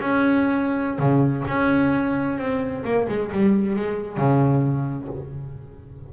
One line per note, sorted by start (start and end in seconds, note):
0.00 0.98 C#4
0.98 1.44 C#3
1.47 2.38 C#4
2.38 2.83 C4
2.84 3.07 A#3
3.08 3.31 G#3
3.32 3.76 G3
3.76 4.17 G#3
4.17 5.07 C#3